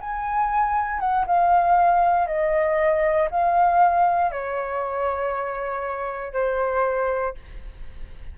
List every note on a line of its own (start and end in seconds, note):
0.00 0.99 G#5
0.99 1.25 F#5
1.27 2.27 F5
2.27 3.29 D#5
3.31 4.31 F5
4.31 6.33 C#5
6.33 7.35 C5